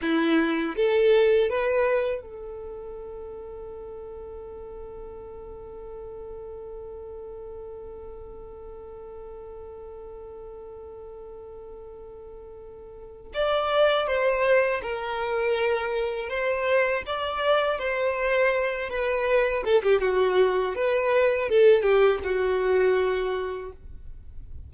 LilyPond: \new Staff \with { instrumentName = "violin" } { \time 4/4 \tempo 4 = 81 e'4 a'4 b'4 a'4~ | a'1~ | a'1~ | a'1~ |
a'2 d''4 c''4 | ais'2 c''4 d''4 | c''4. b'4 a'16 g'16 fis'4 | b'4 a'8 g'8 fis'2 | }